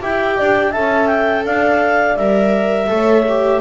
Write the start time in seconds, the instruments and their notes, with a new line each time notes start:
0.00 double bass E4, viola G4, horn E5, clarinet G5
0.37 double bass D4, horn D5
0.70 double bass C#4, viola A4, horn E5, clarinet A5
1.07 clarinet G5
1.44 double bass D4, horn D5, clarinet F5
2.16 double bass G3, viola A#4, clarinet E5
2.87 double bass A3, viola A4, horn C#5
3.28 viola G4